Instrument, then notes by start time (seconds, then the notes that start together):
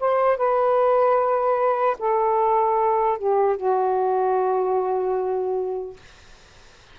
saxophone
0.00 C5
0.37 B4
1.99 A4
3.18 G4
3.57 F#4